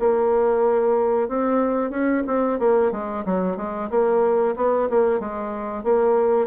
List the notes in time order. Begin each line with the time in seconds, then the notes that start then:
0.00 A#3
1.29 C4
1.91 C#4
2.27 C4
2.59 A#3
2.92 G#3
3.25 F#3
3.57 G#3
3.90 A#3
4.56 B3
4.90 A#3
5.20 G#3
5.84 A#3